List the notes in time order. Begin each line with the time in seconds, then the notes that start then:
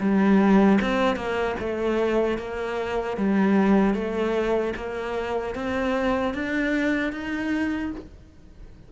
0.00 G3
0.81 C4
1.16 A#3
1.60 A3
2.38 A#3
3.17 G3
3.95 A3
4.76 A#3
5.55 C4
6.34 D4
7.12 D#4